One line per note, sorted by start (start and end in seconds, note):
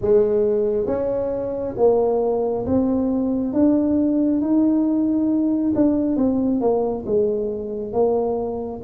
0.01 0.86 G#3
0.86 1.74 C#4
1.77 2.65 A#3
2.66 3.53 C4
3.53 4.41 D4
4.41 5.73 D#4
5.75 6.16 D4
6.16 6.60 C4
6.61 7.05 A#3
7.06 7.92 G#3
7.92 8.80 A#3